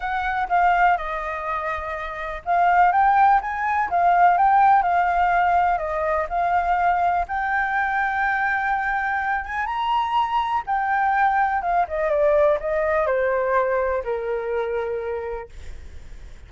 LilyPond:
\new Staff \with { instrumentName = "flute" } { \time 4/4 \tempo 4 = 124 fis''4 f''4 dis''2~ | dis''4 f''4 g''4 gis''4 | f''4 g''4 f''2 | dis''4 f''2 g''4~ |
g''2.~ g''8 gis''8 | ais''2 g''2 | f''8 dis''8 d''4 dis''4 c''4~ | c''4 ais'2. | }